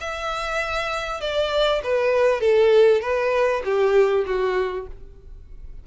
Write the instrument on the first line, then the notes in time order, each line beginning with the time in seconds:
violin
0.00 E5
1.20 D5
1.83 B4
2.40 A4
3.01 B4
3.64 G4
4.26 F#4